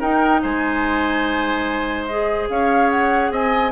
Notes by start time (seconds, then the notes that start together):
0.00 D#4 A#4 G5
0.42 G#3 C5 G#5
2.06 G#4 D#5
2.49 C#4 C#5 F5
2.90 F#5
3.31 C4 D#5 G#5